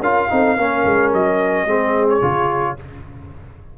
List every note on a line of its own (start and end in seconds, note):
0.00 0.28 C#4
0.00 0.30 F4
0.00 0.29 A#4
0.00 1.13 F5
0.30 0.58 C4
0.30 0.57 D#4
0.30 0.58 A4
0.58 0.85 A#3
0.58 1.67 C#4
0.58 1.68 A#4
0.85 1.13 G#3
1.14 1.66 F#3
1.14 2.09 D#5
1.66 2.21 G#3
1.66 2.22 C4
1.66 2.78 G#4
2.09 2.78 C#5
2.22 2.78 C#3
2.22 2.77 F4